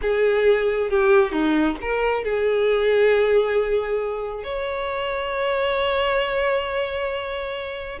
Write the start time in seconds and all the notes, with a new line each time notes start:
0.01 G#4
0.89 G4
1.32 D#4
1.81 A#4
2.24 G#4
4.43 C#5